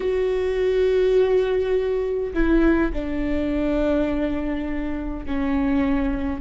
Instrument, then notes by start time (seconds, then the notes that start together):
viola
0.00 F#4
2.33 E4
2.93 D4
5.25 C#4